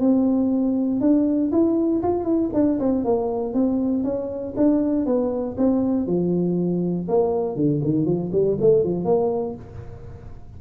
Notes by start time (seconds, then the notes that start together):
0.00 C4
1.01 D4
1.52 E4
2.03 F4
2.25 E4
2.54 D4
2.80 C4
3.05 A#3
3.54 C4
4.04 C#4
4.57 D4
5.06 B3
5.58 C4
6.07 F3
7.09 A#3
7.56 D3
7.84 D#3
8.06 F3
8.33 G3
8.61 A3
8.84 F3
9.05 A#3